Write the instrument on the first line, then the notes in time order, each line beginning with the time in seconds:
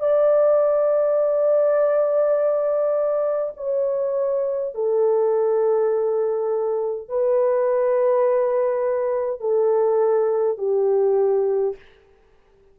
horn
0.00 D5
3.57 C#5
4.75 A4
7.09 B4
9.41 A4
10.58 G4